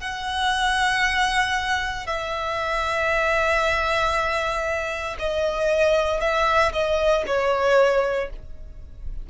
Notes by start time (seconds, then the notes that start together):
0.00 F#5
2.06 E5
5.19 D#5
6.21 E5
6.72 D#5
7.26 C#5